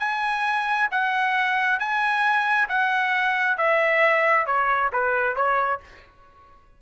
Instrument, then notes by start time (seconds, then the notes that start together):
trumpet
0.00 G#5
0.92 F#5
1.80 G#5
2.69 F#5
3.58 E5
4.46 C#5
4.93 B4
5.36 C#5